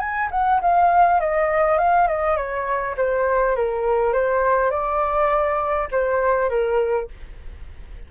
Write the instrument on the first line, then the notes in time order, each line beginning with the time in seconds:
flute
0.00 G#5
0.32 F#5
0.62 F5
1.21 D#5
1.79 F5
2.08 D#5
2.37 C#5
2.98 C5
3.56 A#4
4.13 C5
4.71 D5
5.92 C5
6.50 A#4